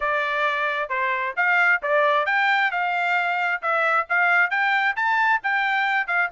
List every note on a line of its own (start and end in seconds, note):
0.00 0.89 D5
0.89 1.34 C5
1.36 1.81 F5
1.82 2.26 D5
2.26 2.71 G5
2.71 3.61 F5
3.62 4.07 E5
4.09 4.50 F5
4.50 4.95 G5
4.96 5.41 A5
5.43 6.07 G5
6.07 6.30 F5